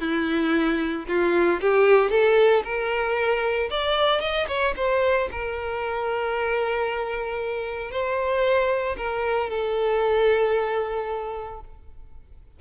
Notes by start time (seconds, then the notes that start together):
0.00 E4
1.07 F4
1.61 G4
2.10 A4
2.64 A#4
3.70 D5
4.20 D#5
4.47 C#5
4.76 C5
5.31 A#4
7.91 C5
8.97 A#4
9.49 A4